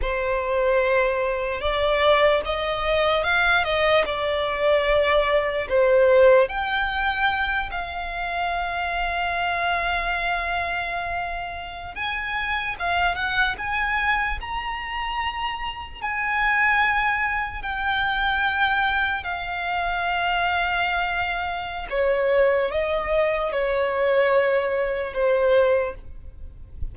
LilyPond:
\new Staff \with { instrumentName = "violin" } { \time 4/4 \tempo 4 = 74 c''2 d''4 dis''4 | f''8 dis''8 d''2 c''4 | g''4. f''2~ f''8~ | f''2~ f''8. gis''4 f''16~ |
f''16 fis''8 gis''4 ais''2 gis''16~ | gis''4.~ gis''16 g''2 f''16~ | f''2. cis''4 | dis''4 cis''2 c''4 | }